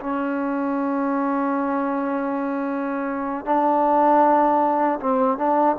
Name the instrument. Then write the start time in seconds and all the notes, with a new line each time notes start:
trombone
0.00 C#4
3.45 D4
4.99 C4
5.37 D4